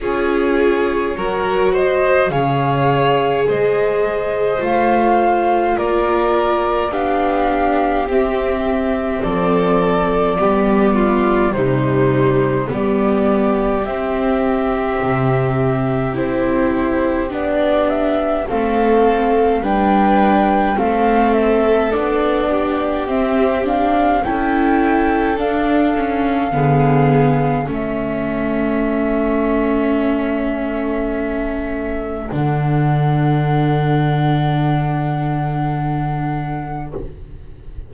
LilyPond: <<
  \new Staff \with { instrumentName = "flute" } { \time 4/4 \tempo 4 = 52 cis''4. dis''8 f''4 dis''4 | f''4 d''4 f''4 e''4 | d''2 c''4 d''4 | e''2 c''4 d''8 e''8 |
f''4 g''4 f''8 e''8 d''4 | e''8 f''8 g''4 f''2 | e''1 | fis''1 | }
  \new Staff \with { instrumentName = "violin" } { \time 4/4 gis'4 ais'8 c''8 cis''4 c''4~ | c''4 ais'4 g'2 | a'4 g'8 f'8 dis'4 g'4~ | g'1 |
a'4 b'4 a'4. g'8~ | g'4 a'2 gis'4 | a'1~ | a'1 | }
  \new Staff \with { instrumentName = "viola" } { \time 4/4 f'4 fis'4 gis'2 | f'2 d'4 c'4~ | c'4 b4 g4 b4 | c'2 e'4 d'4 |
c'4 d'4 c'4 d'4 | c'8 d'8 e'4 d'8 cis'8 b4 | cis'1 | d'1 | }
  \new Staff \with { instrumentName = "double bass" } { \time 4/4 cis'4 fis4 cis4 gis4 | a4 ais4 b4 c'4 | f4 g4 c4 g4 | c'4 c4 c'4 b4 |
a4 g4 a4 b4 | c'4 cis'4 d'4 d4 | a1 | d1 | }
>>